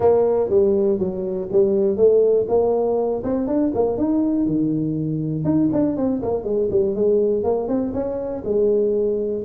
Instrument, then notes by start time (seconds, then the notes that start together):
tuba
0.00 A#3
0.49 G3
0.98 F#3
1.52 G3
1.96 A3
2.48 A#3
3.23 C4
3.47 D4
3.74 A#3
3.97 D#4
4.46 D#3
5.44 D#4
5.72 D4
5.96 C4
6.22 A#3
6.44 G#3
6.70 G3
6.95 G#3
7.43 A#3
7.67 C4
7.93 C#4
8.44 G#3